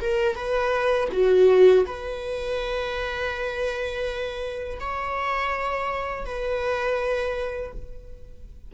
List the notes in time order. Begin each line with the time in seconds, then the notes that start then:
0.00 A#4
0.35 B4
1.12 F#4
1.86 B4
4.80 C#5
6.25 B4